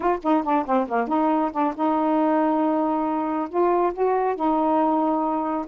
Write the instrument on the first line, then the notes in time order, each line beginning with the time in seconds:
saxophone
0.00 F4
0.23 D#4
0.43 D4
0.65 C4
0.87 A#3
1.07 D#4
1.51 D4
1.75 D#4
3.49 F4
3.93 F#4
4.35 D#4